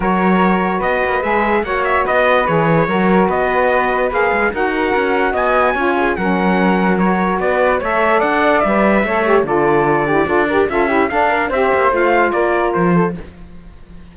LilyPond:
<<
  \new Staff \with { instrumentName = "trumpet" } { \time 4/4 \tempo 4 = 146 cis''2 dis''4 e''4 | fis''8 e''8 dis''4 cis''2 | dis''2 f''4 fis''4~ | fis''4 gis''2 fis''4~ |
fis''4 cis''4 d''4 e''4 | fis''4 e''2 d''4~ | d''2 e''4 f''4 | e''4 f''4 d''4 c''4 | }
  \new Staff \with { instrumentName = "flute" } { \time 4/4 ais'2 b'2 | cis''4 b'2 ais'4 | b'2. ais'4~ | ais'4 dis''4 cis''8 gis'8 ais'4~ |
ais'2 b'4 cis''4 | d''2 cis''4 a'4~ | a'8 g'8 a'8 ais'8 a'8 g'8 a'8 ais'8 | c''2 ais'4. a'8 | }
  \new Staff \with { instrumentName = "saxophone" } { \time 4/4 fis'2. gis'4 | fis'2 gis'4 fis'4~ | fis'2 gis'4 fis'4~ | fis'2 f'4 cis'4~ |
cis'4 fis'2 a'4~ | a'4 b'4 a'8 g'8 f'4~ | f'8 e'8 f'8 g'8 f'8 e'8 d'4 | g'4 f'2. | }
  \new Staff \with { instrumentName = "cello" } { \time 4/4 fis2 b8 ais8 gis4 | ais4 b4 e4 fis4 | b2 ais8 gis8 dis'4 | cis'4 b4 cis'4 fis4~ |
fis2 b4 a4 | d'4 g4 a4 d4~ | d4 d'4 cis'4 d'4 | c'8 ais8 a4 ais4 f4 | }
>>